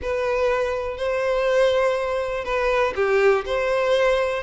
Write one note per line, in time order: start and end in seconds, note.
0.02 0.97 B4
0.97 2.44 C5
2.44 2.93 B4
2.95 3.44 G4
3.45 4.43 C5